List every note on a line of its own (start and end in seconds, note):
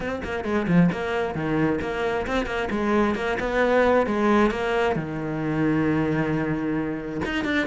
0.00 0.21 C4
0.24 0.44 A#3
0.44 0.66 G#3
0.67 0.90 F3
0.92 1.34 A#3
1.34 1.79 D#3
1.81 2.26 A#3
2.26 2.46 C4
2.46 2.68 A#3
2.70 3.15 G#3
3.15 3.37 A#3
3.39 4.06 B3
4.06 4.50 G#3
4.50 4.95 A#3
4.95 7.21 D#3
7.25 7.44 D#4
7.44 7.66 D4